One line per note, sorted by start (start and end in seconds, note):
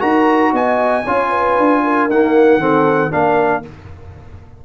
0.00 0.53 D#4
0.00 1.03 F#4
0.00 0.52 A#4
0.00 0.53 A#5
0.53 1.04 B3
0.53 1.05 D#5
0.53 2.10 G#5
1.05 1.58 C#4
1.05 2.10 F4
1.05 1.30 C#5
1.30 1.82 B4
1.58 2.09 D4
1.84 2.60 A#4
2.09 2.60 A#3
2.09 2.57 D#4
2.09 3.12 F#5
2.57 3.09 D#3
2.57 3.11 C4
2.57 3.12 A4
3.11 3.65 A#3
3.11 3.62 D4
3.11 3.64 A#4
3.11 3.64 F5